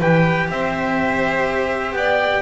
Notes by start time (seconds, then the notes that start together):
0.00 E3 G4 B4 G5
0.50 C4 C5 E5
1.93 B3 D5 G5